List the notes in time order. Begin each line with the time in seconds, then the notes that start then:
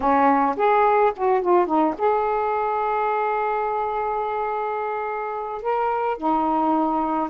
0.00 C#4
0.56 G#4
1.16 F#4
1.41 F4
1.66 D#4
1.98 G#4
5.62 A#4
6.17 D#4